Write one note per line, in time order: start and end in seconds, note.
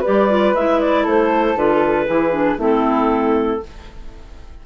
0.00 0.29 G4
0.00 1.03 B4
0.00 0.54 D5
0.07 0.54 G3
0.29 0.55 F4
0.54 1.05 G#3
0.54 1.56 E4
0.54 0.80 E5
0.80 1.06 D5
1.03 1.56 A3
1.03 2.05 A4
1.03 1.57 C5
1.56 2.07 D3
1.56 2.06 F4
1.56 2.60 B4
2.05 2.57 E3
2.05 2.31 E4
2.05 2.57 G#4
2.31 2.57 D4
2.57 3.60 A3
2.57 3.60 C4
2.57 3.60 E4
2.57 3.65 A4